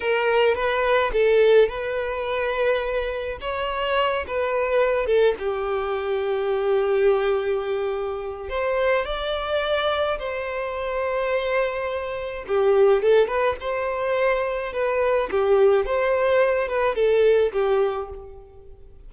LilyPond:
\new Staff \with { instrumentName = "violin" } { \time 4/4 \tempo 4 = 106 ais'4 b'4 a'4 b'4~ | b'2 cis''4. b'8~ | b'4 a'8 g'2~ g'8~ | g'2. c''4 |
d''2 c''2~ | c''2 g'4 a'8 b'8 | c''2 b'4 g'4 | c''4. b'8 a'4 g'4 | }